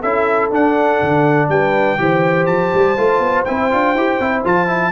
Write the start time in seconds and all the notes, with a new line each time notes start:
0.00 C#4 E4 A4 E5
0.50 D4 F#5
1.02 D3
1.49 G3 B4 G5
1.98 E3 G4 C5
2.46 F3 A5
2.74 G3
2.97 A3 F4
3.19 B3
3.44 C4 E4 G5
3.71 D4 F4
3.94 E4 G4
4.19 C4 E4
4.44 F3 F4 A5
4.67 E4